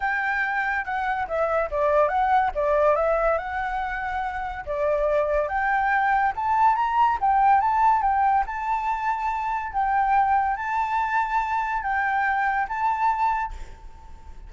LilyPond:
\new Staff \with { instrumentName = "flute" } { \time 4/4 \tempo 4 = 142 g''2 fis''4 e''4 | d''4 fis''4 d''4 e''4 | fis''2. d''4~ | d''4 g''2 a''4 |
ais''4 g''4 a''4 g''4 | a''2. g''4~ | g''4 a''2. | g''2 a''2 | }